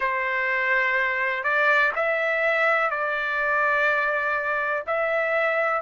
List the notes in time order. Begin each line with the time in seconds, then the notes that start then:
0.00 C5
1.43 D5
1.95 E5
2.90 D5
4.87 E5